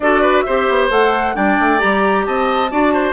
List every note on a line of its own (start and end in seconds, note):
0.00 0.44 D4
0.00 0.47 F#4
0.00 0.21 A4
0.00 0.41 D5
0.21 0.43 B4
0.41 1.35 C5
0.41 0.86 E5
0.47 0.68 C4
0.47 0.90 G4
0.68 0.90 B3
0.90 1.35 A3
0.90 1.35 A4
0.90 1.36 F#5
1.35 1.58 G3
1.35 1.78 D4
1.35 2.25 D5
1.35 1.80 G5
1.59 1.81 A3
1.78 2.27 G3
1.78 2.68 G4
1.78 2.25 A#5
2.25 2.71 C4
2.25 2.71 D#5
2.25 3.13 A5
2.70 3.13 D4
2.70 3.13 F#4
2.70 2.93 D5
2.93 3.13 C5